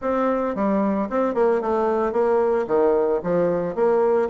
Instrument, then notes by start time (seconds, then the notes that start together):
bassoon
0.01 C4
0.55 G3
1.09 C4
1.34 A#3
1.61 A3
2.12 A#3
2.67 D#3
3.23 F3
3.75 A#3